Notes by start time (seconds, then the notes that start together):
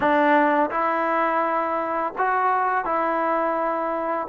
0.00 D4
0.70 E4
2.18 F#4
2.84 E4